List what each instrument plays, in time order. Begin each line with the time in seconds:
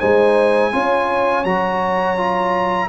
0.00 tuba G#3, trombone D#4, horn C5, trumpet G#5
0.73 tuba C#4, trombone F4, horn C#5
1.45 tuba F#3, trombone F#4, trumpet A#5
2.17 trombone F4